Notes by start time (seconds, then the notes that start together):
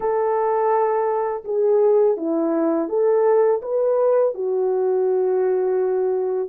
0.00 A4
1.44 G#4
2.17 E4
2.88 A4
3.61 B4
4.34 F#4